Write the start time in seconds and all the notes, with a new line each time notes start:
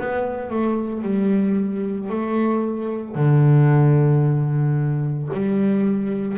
0.00 B3
0.50 A3
1.03 G3
2.10 A3
3.16 D3
5.34 G3